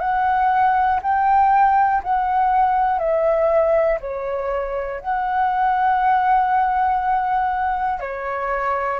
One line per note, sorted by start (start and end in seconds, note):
0.00 1.00 F#5
1.02 2.02 G5
2.03 2.98 F#5
2.98 3.98 E5
4.00 5.00 C#5
5.00 8.00 F#5
8.00 8.99 C#5